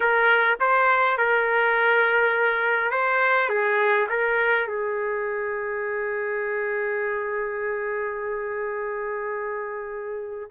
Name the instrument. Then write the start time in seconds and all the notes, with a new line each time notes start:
trumpet
0.00 A#4
0.60 C5
1.17 A#4
2.90 C5
3.49 G#4
4.09 A#4
4.67 G#4